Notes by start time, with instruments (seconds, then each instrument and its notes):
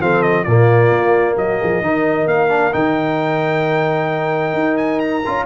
0.00 tuba F3, trombone C4, horn A4, trumpet F5
0.22 trumpet D#5
0.44 tuba A#2, trombone A#3, horn F4, trumpet D5
0.90 tuba A#3
1.36 tuba F#3, horn F#4, trumpet D#5
1.60 tuba F3, horn G#4
1.81 tuba D#3, trombone D#4, horn A#4
2.26 tuba A#3, trumpet F5
2.49 trombone D4
2.72 tuba D#3, trombone D#4, trumpet G5
4.53 tuba D#4
4.77 trumpet G#5
4.99 trumpet A#5
5.26 tuba C#4, trombone F4